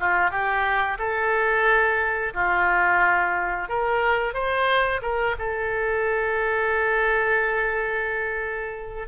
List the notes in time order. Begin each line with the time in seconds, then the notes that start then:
0.00 F4
0.31 G4
0.99 A4
2.34 F4
3.69 A#4
4.34 C5
5.02 A#4
5.39 A4